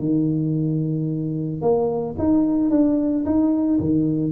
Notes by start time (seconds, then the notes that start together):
0.00 D#3
1.62 A#3
2.19 D#4
2.71 D4
3.26 D#4
3.81 D#3